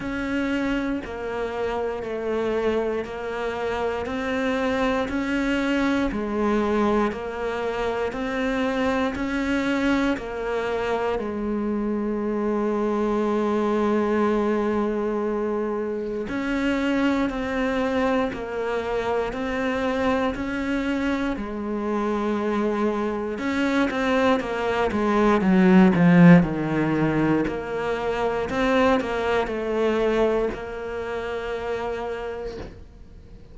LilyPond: \new Staff \with { instrumentName = "cello" } { \time 4/4 \tempo 4 = 59 cis'4 ais4 a4 ais4 | c'4 cis'4 gis4 ais4 | c'4 cis'4 ais4 gis4~ | gis1 |
cis'4 c'4 ais4 c'4 | cis'4 gis2 cis'8 c'8 | ais8 gis8 fis8 f8 dis4 ais4 | c'8 ais8 a4 ais2 | }